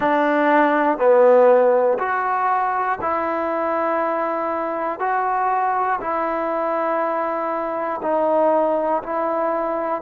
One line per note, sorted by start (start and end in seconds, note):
0.00 0.97 D4
0.97 1.97 B3
1.99 2.99 F#4
3.00 5.00 E4
5.00 6.00 F#4
6.00 8.00 E4
8.02 9.02 D#4
9.03 10.01 E4